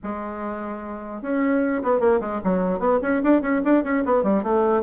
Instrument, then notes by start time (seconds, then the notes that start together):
bassoon
0.03 G#3
1.22 C#4
1.82 B3
2.00 A#3
2.20 G#3
2.43 F#3
2.79 B3
3.02 C#4
3.23 D4
3.41 C#4
3.64 D4
3.83 C#4
4.04 B3
4.23 G3
4.43 A3